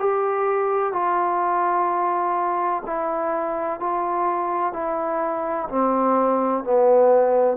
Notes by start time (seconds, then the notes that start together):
0.00 G4
0.93 F4
2.87 E4
3.80 F4
4.73 E4
5.70 C4
6.64 B3